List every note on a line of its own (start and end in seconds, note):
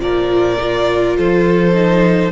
0.00 1.18 A#2
0.00 0.58 F3
0.00 1.18 A#4
0.00 1.17 D5
0.61 1.74 F4
1.18 2.32 F3
1.18 2.32 A4
1.18 2.32 C5
1.74 2.31 D#4